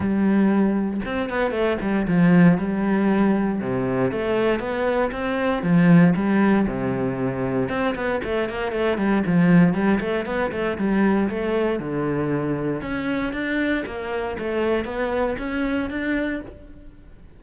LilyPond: \new Staff \with { instrumentName = "cello" } { \time 4/4 \tempo 4 = 117 g2 c'8 b8 a8 g8 | f4 g2 c4 | a4 b4 c'4 f4 | g4 c2 c'8 b8 |
a8 ais8 a8 g8 f4 g8 a8 | b8 a8 g4 a4 d4~ | d4 cis'4 d'4 ais4 | a4 b4 cis'4 d'4 | }